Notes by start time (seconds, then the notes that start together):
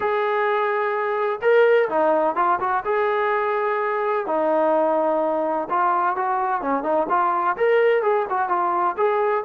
0.00 G#4
1.41 A#4
1.89 D#4
2.35 F4
2.60 F#4
2.85 G#4
4.26 D#4
5.69 F4
6.16 F#4
6.61 C#4
6.83 D#4
7.09 F4
7.56 A#4
8.02 G#4
8.29 F#4
8.48 F4
8.97 G#4